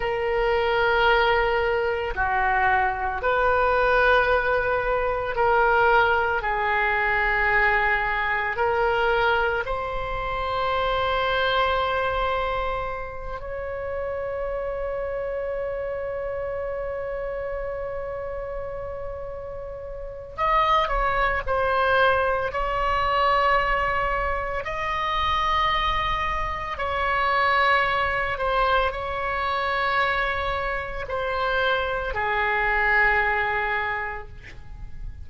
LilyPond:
\new Staff \with { instrumentName = "oboe" } { \time 4/4 \tempo 4 = 56 ais'2 fis'4 b'4~ | b'4 ais'4 gis'2 | ais'4 c''2.~ | c''8 cis''2.~ cis''8~ |
cis''2. dis''8 cis''8 | c''4 cis''2 dis''4~ | dis''4 cis''4. c''8 cis''4~ | cis''4 c''4 gis'2 | }